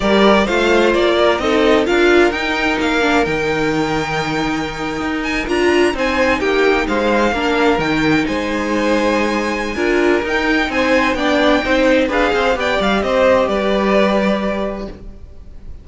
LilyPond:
<<
  \new Staff \with { instrumentName = "violin" } { \time 4/4 \tempo 4 = 129 d''4 f''4 d''4 dis''4 | f''4 g''4 f''4 g''4~ | g''2.~ g''16 gis''8 ais''16~ | ais''8. gis''4 g''4 f''4~ f''16~ |
f''8. g''4 gis''2~ gis''16~ | gis''2 g''4 gis''4 | g''2 f''4 g''8 f''8 | dis''4 d''2. | }
  \new Staff \with { instrumentName = "violin" } { \time 4/4 ais'4 c''4. ais'8 a'4 | ais'1~ | ais'1~ | ais'8. c''4 g'4 c''4 ais'16~ |
ais'4.~ ais'16 c''2~ c''16~ | c''4 ais'2 c''4 | d''4 c''4 b'8 c''8 d''4 | c''4 b'2. | }
  \new Staff \with { instrumentName = "viola" } { \time 4/4 g'4 f'2 dis'4 | f'4 dis'4. d'8 dis'4~ | dis'2.~ dis'8. f'16~ | f'8. dis'2. d'16~ |
d'8. dis'2.~ dis'16~ | dis'4 f'4 dis'2 | d'4 dis'4 gis'4 g'4~ | g'1 | }
  \new Staff \with { instrumentName = "cello" } { \time 4/4 g4 a4 ais4 c'4 | d'4 dis'4 ais4 dis4~ | dis2~ dis8. dis'4 d'16~ | d'8. c'4 ais4 gis4 ais16~ |
ais8. dis4 gis2~ gis16~ | gis4 d'4 dis'4 c'4 | b4 c'4 d'8 c'8 b8 g8 | c'4 g2. | }
>>